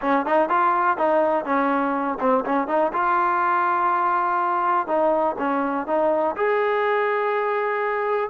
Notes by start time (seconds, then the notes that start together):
0.01 C#4
0.26 D#4
0.49 F4
0.97 D#4
1.45 C#4
2.20 C4
2.45 C#4
2.67 D#4
2.92 F4
4.87 D#4
5.38 C#4
5.86 D#4
6.36 G#4